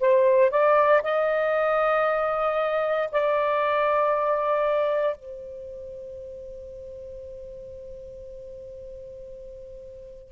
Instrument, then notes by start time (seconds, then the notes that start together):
saxophone
0.00 C5
0.50 D5
1.03 D#5
3.11 D5
5.16 C5